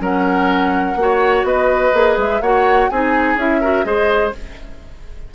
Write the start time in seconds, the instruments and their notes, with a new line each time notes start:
0.00 bassoon F#3, clarinet C#4, oboe A#4, flute F#5
0.96 bassoon A#3, clarinet F#4
1.02 oboe C#5
1.44 bassoon B3, oboe B4, flute D#5
1.93 bassoon A#3, clarinet G#4
2.17 bassoon G#3, flute E5
2.41 bassoon A#3, clarinet F#4, oboe C#5, flute F#5
2.90 bassoon C4, clarinet D#4, oboe G#4, flute G#5
3.36 bassoon C#4, clarinet E4, flute E5
3.61 clarinet F#4, oboe A#4
3.84 bassoon G#3, clarinet G#4, oboe C5, flute D#5